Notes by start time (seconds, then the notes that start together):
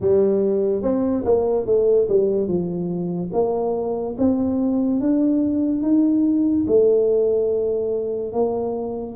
0.00 G3
0.82 C4
1.24 A#3
1.66 A3
2.08 G3
2.47 F3
3.33 A#3
4.17 C4
5.00 D4
5.82 D#4
6.67 A3
8.32 A#3